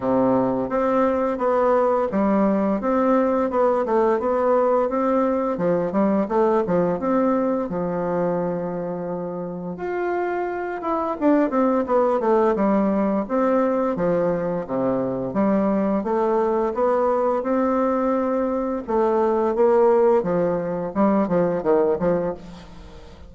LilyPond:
\new Staff \with { instrumentName = "bassoon" } { \time 4/4 \tempo 4 = 86 c4 c'4 b4 g4 | c'4 b8 a8 b4 c'4 | f8 g8 a8 f8 c'4 f4~ | f2 f'4. e'8 |
d'8 c'8 b8 a8 g4 c'4 | f4 c4 g4 a4 | b4 c'2 a4 | ais4 f4 g8 f8 dis8 f8 | }